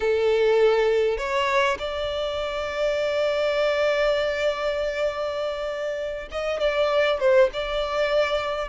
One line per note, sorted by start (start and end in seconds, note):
0.00 1.17 A4
1.17 1.77 C#5
1.78 6.28 D5
6.31 6.60 D#5
6.60 7.20 D5
7.20 7.50 C5
7.53 8.68 D5